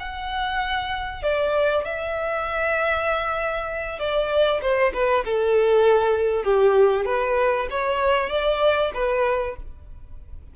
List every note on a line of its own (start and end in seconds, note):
0.00 1.23 F#5
1.23 1.85 D5
1.85 3.99 E5
3.99 4.61 D5
4.62 4.93 C5
4.94 5.25 B4
5.25 6.44 A4
6.44 7.06 G4
7.06 7.68 B4
7.70 8.30 C#5
8.30 8.92 D5
8.94 9.56 B4